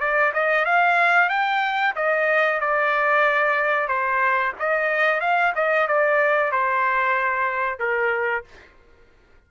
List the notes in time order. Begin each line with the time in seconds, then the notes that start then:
0.00 D5
0.34 D#5
0.66 F5
1.30 G5
1.96 D#5
2.61 D5
3.88 C5
4.59 D#5
5.21 F5
5.55 D#5
5.88 D5
6.52 C5
7.79 A#4